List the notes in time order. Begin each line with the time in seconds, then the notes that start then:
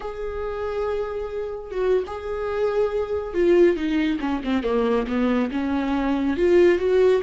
0.00 G#4
1.71 F#4
2.06 G#4
3.34 F4
3.76 D#4
4.19 C#4
4.43 C4
4.63 A#3
5.07 B3
5.51 C#4
6.36 F4
6.78 F#4